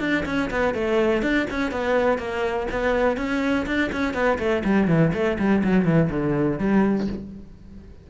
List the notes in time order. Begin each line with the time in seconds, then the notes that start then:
0.00 D4
0.25 C#4
0.51 B3
0.74 A3
1.22 D4
1.50 C#4
1.71 B3
2.18 A#3
2.71 B3
3.17 C#4
3.67 D4
3.92 C#4
4.14 B3
4.39 A3
4.65 G3
4.88 E3
5.14 A3
5.39 G3
5.64 F#3
5.85 E3
6.10 D3
6.59 G3